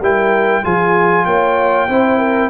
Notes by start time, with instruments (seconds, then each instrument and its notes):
0.00 tuba G3, trombone E4, horn A#4, trumpet G5
0.62 tuba F3, trombone F4, horn G#4, trumpet G#5
1.25 tuba A#3, horn C#5, trumpet G5
1.87 tuba C4, trombone E4, horn C5
2.18 horn A#4